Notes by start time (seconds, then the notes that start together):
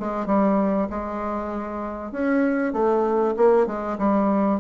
0.00 G#3
0.27 G3
0.90 G#3
2.12 C#4
2.73 A3
3.37 A#3
3.67 G#3
3.99 G3